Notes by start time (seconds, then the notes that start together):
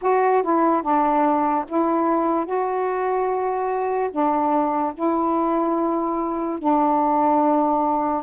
0.01 F#4
0.43 E4
0.82 D4
1.67 E4
2.45 F#4
4.11 D4
4.94 E4
6.58 D4